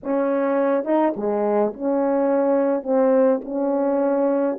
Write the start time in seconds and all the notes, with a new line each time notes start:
0.03 C#4
0.84 D#4
1.16 G#3
1.73 C#4
2.83 C4
3.44 C#4